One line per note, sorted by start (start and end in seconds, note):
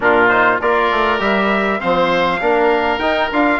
0.00 0.59 A#2
0.00 0.29 D4
0.00 0.61 F4
0.00 0.28 A#4
0.28 0.59 D#4
0.28 0.58 C5
0.61 0.90 A#3
0.61 1.19 F4
0.61 1.80 A#4
0.61 1.20 D5
0.90 1.19 A3
1.19 1.79 G3
1.19 1.79 G4
1.19 1.80 E5
1.79 2.41 F3
1.79 2.39 C4
1.79 2.40 C5
1.79 2.99 F5
2.39 2.98 A#3
2.39 2.99 D4
2.39 3.59 A#4
2.98 3.27 D#4
2.98 3.31 D#4
2.98 3.29 G5
3.32 3.59 D4
3.32 3.59 F4
3.32 3.59 F5